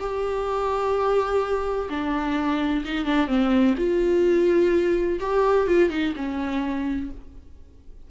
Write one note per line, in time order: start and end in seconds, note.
0.00 1.89 G4
1.89 2.84 D4
2.85 3.05 D#4
3.05 3.27 D4
3.27 3.75 C4
3.78 5.19 F4
5.20 5.67 G4
5.67 5.90 F4
5.90 6.14 D#4
6.16 7.11 C#4